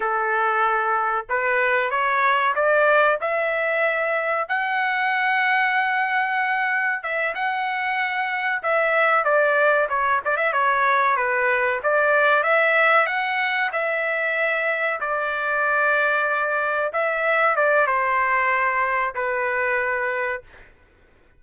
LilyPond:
\new Staff \with { instrumentName = "trumpet" } { \time 4/4 \tempo 4 = 94 a'2 b'4 cis''4 | d''4 e''2 fis''4~ | fis''2. e''8 fis''8~ | fis''4. e''4 d''4 cis''8 |
d''16 e''16 cis''4 b'4 d''4 e''8~ | e''8 fis''4 e''2 d''8~ | d''2~ d''8 e''4 d''8 | c''2 b'2 | }